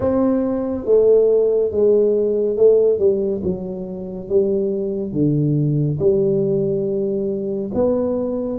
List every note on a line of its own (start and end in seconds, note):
0.00 0.85 C4
0.85 1.71 A3
1.71 2.56 G#3
2.56 2.98 A3
2.98 3.41 G3
3.43 4.29 F#3
4.29 5.12 G3
5.12 5.98 D3
5.99 7.70 G3
7.74 8.59 B3